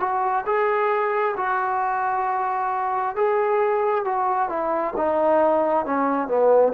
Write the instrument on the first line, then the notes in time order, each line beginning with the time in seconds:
trombone
0.00 F#4
0.46 G#4
1.37 F#4
3.16 G#4
4.05 F#4
4.49 E4
4.97 D#4
5.86 C#4
6.28 B3